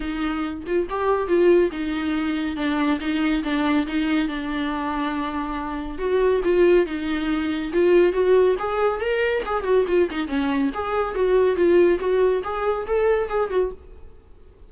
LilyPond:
\new Staff \with { instrumentName = "viola" } { \time 4/4 \tempo 4 = 140 dis'4. f'8 g'4 f'4 | dis'2 d'4 dis'4 | d'4 dis'4 d'2~ | d'2 fis'4 f'4 |
dis'2 f'4 fis'4 | gis'4 ais'4 gis'8 fis'8 f'8 dis'8 | cis'4 gis'4 fis'4 f'4 | fis'4 gis'4 a'4 gis'8 fis'8 | }